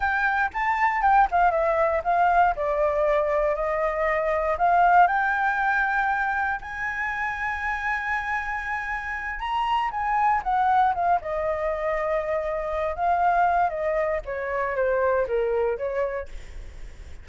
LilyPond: \new Staff \with { instrumentName = "flute" } { \time 4/4 \tempo 4 = 118 g''4 a''4 g''8 f''8 e''4 | f''4 d''2 dis''4~ | dis''4 f''4 g''2~ | g''4 gis''2.~ |
gis''2~ gis''8 ais''4 gis''8~ | gis''8 fis''4 f''8 dis''2~ | dis''4. f''4. dis''4 | cis''4 c''4 ais'4 cis''4 | }